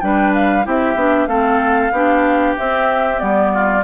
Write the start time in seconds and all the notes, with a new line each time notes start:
0.00 G3 D4 B4 G5
0.34 F5
0.64 C4 E4 G4 E5
0.95 B3 D4
1.27 A3 C4 A4 F5
1.91 B3 D4 G4
2.57 C4 E5
3.17 G3 B3 D5
3.53 F4